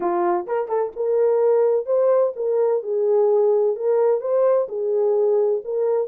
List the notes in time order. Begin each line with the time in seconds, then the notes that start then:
0.00 F4
0.46 A#4
0.68 A4
0.95 A#4
1.86 C5
2.36 A#4
2.82 G#4
3.76 A#4
4.20 C5
4.68 G#4
5.64 A#4